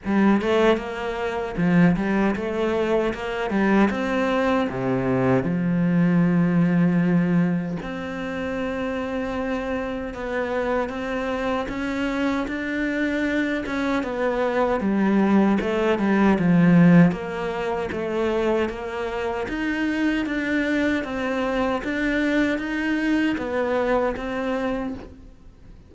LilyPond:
\new Staff \with { instrumentName = "cello" } { \time 4/4 \tempo 4 = 77 g8 a8 ais4 f8 g8 a4 | ais8 g8 c'4 c4 f4~ | f2 c'2~ | c'4 b4 c'4 cis'4 |
d'4. cis'8 b4 g4 | a8 g8 f4 ais4 a4 | ais4 dis'4 d'4 c'4 | d'4 dis'4 b4 c'4 | }